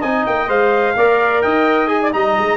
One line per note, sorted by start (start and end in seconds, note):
0.00 0.26 C4
0.00 0.48 D#4
0.00 0.94 D#5
0.00 0.25 G#5
0.26 0.48 A#3
0.26 0.49 G5
0.48 0.95 G#3
0.48 0.95 C5
0.48 1.42 F5
0.96 1.43 A#3
0.96 1.87 A#4
0.96 1.43 D5
1.42 2.14 D#4
1.42 2.01 D#5
1.42 1.88 G5
1.87 2.11 G#4
1.87 2.11 G#5
2.01 2.13 D5
2.12 2.37 G3
2.12 2.57 D#4
2.12 2.57 D#5
2.12 2.57 A#5
2.38 2.57 G#3